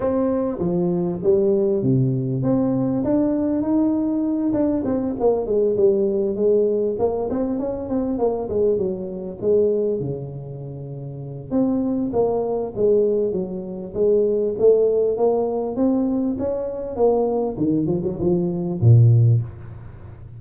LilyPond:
\new Staff \with { instrumentName = "tuba" } { \time 4/4 \tempo 4 = 99 c'4 f4 g4 c4 | c'4 d'4 dis'4. d'8 | c'8 ais8 gis8 g4 gis4 ais8 | c'8 cis'8 c'8 ais8 gis8 fis4 gis8~ |
gis8 cis2~ cis8 c'4 | ais4 gis4 fis4 gis4 | a4 ais4 c'4 cis'4 | ais4 dis8 f16 fis16 f4 ais,4 | }